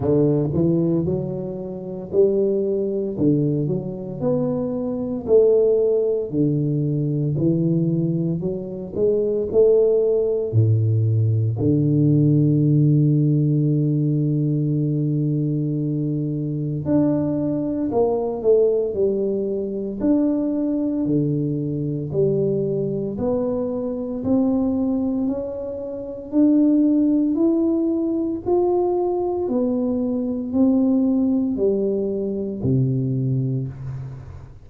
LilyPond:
\new Staff \with { instrumentName = "tuba" } { \time 4/4 \tempo 4 = 57 d8 e8 fis4 g4 d8 fis8 | b4 a4 d4 e4 | fis8 gis8 a4 a,4 d4~ | d1 |
d'4 ais8 a8 g4 d'4 | d4 g4 b4 c'4 | cis'4 d'4 e'4 f'4 | b4 c'4 g4 c4 | }